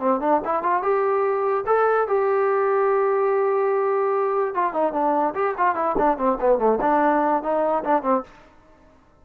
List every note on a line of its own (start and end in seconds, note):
0.00 0.21 C4
0.21 0.41 D4
0.45 0.63 E4
0.63 0.83 F4
0.83 1.65 G4
1.67 2.08 A4
2.08 4.54 G4
4.55 4.74 F4
4.74 4.93 D#4
4.93 5.34 D4
5.35 5.55 G4
5.58 5.75 F4
5.75 5.96 E4
5.98 6.18 D4
6.18 6.38 C4
6.41 6.59 B3
6.59 6.79 A3
6.82 7.43 D4
7.43 7.84 D#4
7.84 8.03 D4
8.03 8.23 C4